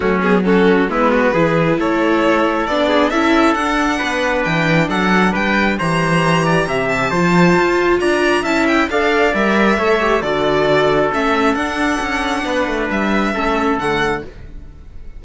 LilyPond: <<
  \new Staff \with { instrumentName = "violin" } { \time 4/4 \tempo 4 = 135 fis'8 gis'8 a'4 b'2 | cis''2 d''4 e''4 | fis''2 g''4 fis''4 | g''4 ais''2~ ais''8 a''8~ |
a''2 ais''4 a''8 g''8 | f''4 e''2 d''4~ | d''4 e''4 fis''2~ | fis''4 e''2 fis''4 | }
  \new Staff \with { instrumentName = "trumpet" } { \time 4/4 cis'4 fis'4 e'8 fis'8 gis'4 | a'2~ a'8 gis'8 a'4~ | a'4 b'2 a'4 | b'4 c''4. d''8 e''4 |
c''2 d''4 e''4 | d''2 cis''4 a'4~ | a'1 | b'2 a'2 | }
  \new Staff \with { instrumentName = "viola" } { \time 4/4 a8 b8 cis'4 b4 e'4~ | e'2 d'4 e'4 | d'1~ | d'4 g'2. |
f'2. e'4 | a'4 ais'4 a'8 g'8 fis'4~ | fis'4 cis'4 d'2~ | d'2 cis'4 a4 | }
  \new Staff \with { instrumentName = "cello" } { \time 4/4 fis2 gis4 e4 | a2 b4 cis'4 | d'4 b4 e4 fis4 | g4 e2 c4 |
f4 f'4 d'4 cis'4 | d'4 g4 a4 d4~ | d4 a4 d'4 cis'4 | b8 a8 g4 a4 d4 | }
>>